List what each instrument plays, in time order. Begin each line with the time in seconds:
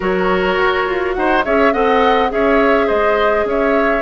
0.00 bassoon F#3, clarinet F#4, oboe A#4, flute C#5
0.56 bassoon F#4
0.86 bassoon F4
1.13 bassoon D#4, oboe C5, flute F#5
1.44 bassoon C#4, clarinet G#4, oboe C#5, flute E5
1.73 bassoon C4, clarinet A4, oboe D#5, flute F#5
2.29 bassoon C#4, clarinet G#4, oboe C#5, flute E5
2.87 bassoon G#3, oboe C5, flute D#5
3.44 bassoon C#4, oboe C#5, flute E5